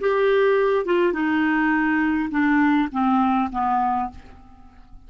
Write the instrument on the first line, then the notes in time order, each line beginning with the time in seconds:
clarinet
0.00 G4
0.85 F4
1.13 D#4
2.31 D4
2.92 C4
3.52 B3